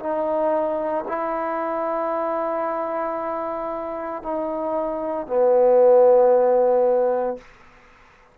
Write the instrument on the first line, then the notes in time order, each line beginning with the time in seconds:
trombone
0.00 D#4
1.09 E4
4.23 D#4
5.27 B3